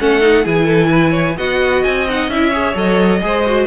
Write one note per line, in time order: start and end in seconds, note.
0.00 0.46 A3
0.00 0.21 C#4
0.00 0.44 A4
0.00 0.46 F#5
0.21 0.44 D#4
0.44 1.38 E3
0.44 1.37 E4
0.44 0.65 G#4
0.44 1.38 G#5
0.65 0.88 A4
0.91 1.11 B4
1.11 1.34 C#5
1.38 1.84 B3
1.38 2.07 F#4
1.38 2.51 D#5
1.38 1.84 F#5
1.84 2.28 C4
1.84 2.07 G#5
2.09 2.32 D#4
2.09 2.30 F#5
2.28 2.74 C#4
2.28 2.53 E4
2.28 2.76 E5
2.51 2.75 G#4
2.51 3.20 C#5
2.75 3.22 F#3
2.75 3.21 A4
2.75 3.68 D#5
3.22 3.68 G#3
3.22 3.45 G#4
3.22 3.68 C5
3.46 3.68 F#4